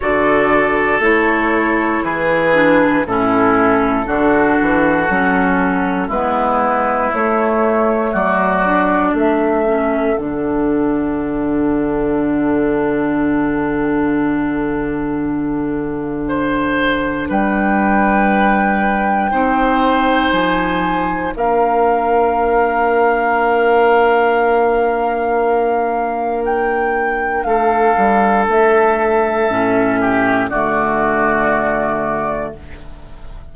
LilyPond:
<<
  \new Staff \with { instrumentName = "flute" } { \time 4/4 \tempo 4 = 59 d''4 cis''4 b'4 a'4~ | a'2 b'4 cis''4 | d''4 e''4 fis''2~ | fis''1~ |
fis''4 g''2. | gis''4 f''2.~ | f''2 g''4 f''4 | e''2 d''2 | }
  \new Staff \with { instrumentName = "oboe" } { \time 4/4 a'2 gis'4 e'4 | fis'2 e'2 | fis'4 a'2.~ | a'1 |
c''4 b'2 c''4~ | c''4 ais'2.~ | ais'2. a'4~ | a'4. g'8 fis'2 | }
  \new Staff \with { instrumentName = "clarinet" } { \time 4/4 fis'4 e'4. d'8 cis'4 | d'4 cis'4 b4 a4~ | a8 d'4 cis'8 d'2~ | d'1~ |
d'2. dis'4~ | dis'4 d'2.~ | d'1~ | d'4 cis'4 a2 | }
  \new Staff \with { instrumentName = "bassoon" } { \time 4/4 d4 a4 e4 a,4 | d8 e8 fis4 gis4 a4 | fis4 a4 d2~ | d1~ |
d4 g2 c'4 | f4 ais2.~ | ais2. a8 g8 | a4 a,4 d2 | }
>>